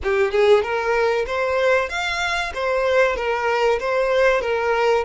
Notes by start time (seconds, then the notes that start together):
0.03 G4
0.31 G#4
0.62 A#4
1.26 C5
1.89 F5
2.54 C5
3.16 A#4
3.79 C5
4.41 A#4